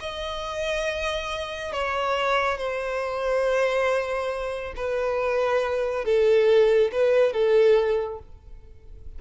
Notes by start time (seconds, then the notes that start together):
0.00 D#5
1.73 C#5
2.58 C5
4.76 B4
6.05 A4
6.92 B4
7.33 A4